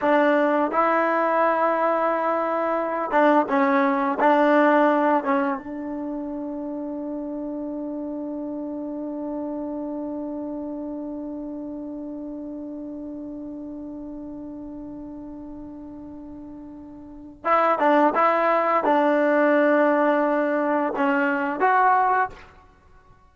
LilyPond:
\new Staff \with { instrumentName = "trombone" } { \time 4/4 \tempo 4 = 86 d'4 e'2.~ | e'8 d'8 cis'4 d'4. cis'8 | d'1~ | d'1~ |
d'1~ | d'1~ | d'4 e'8 d'8 e'4 d'4~ | d'2 cis'4 fis'4 | }